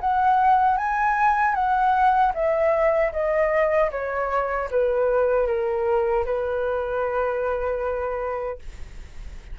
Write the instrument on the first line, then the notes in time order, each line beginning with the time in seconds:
flute
0.00 F#5
0.77 G#5
1.54 F#5
2.34 E5
3.12 D#5
3.91 C#5
4.70 B4
5.46 A#4
6.25 B4